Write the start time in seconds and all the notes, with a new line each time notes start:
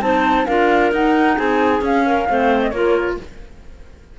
0.00 C4 D#4 C5 A5
0.46 D4 F4 A#4 F5
0.92 D#4 F#5
1.36 C4 G#4 G#5
1.81 C#4 F5
2.06 A#4
2.29 A3 C4 C5
2.61 D#5
2.70 A#3 F4 A#4 C#5